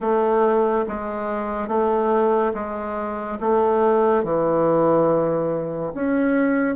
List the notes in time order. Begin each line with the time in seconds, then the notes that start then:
0.00 A3
0.88 G#3
1.67 A3
2.54 G#3
3.40 A3
4.23 E3
5.94 C#4